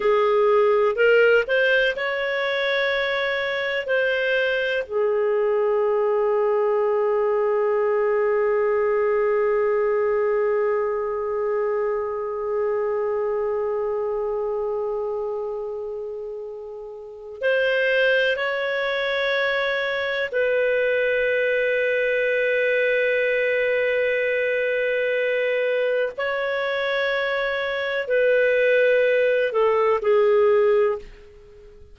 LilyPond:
\new Staff \with { instrumentName = "clarinet" } { \time 4/4 \tempo 4 = 62 gis'4 ais'8 c''8 cis''2 | c''4 gis'2.~ | gis'1~ | gis'1~ |
gis'2 c''4 cis''4~ | cis''4 b'2.~ | b'2. cis''4~ | cis''4 b'4. a'8 gis'4 | }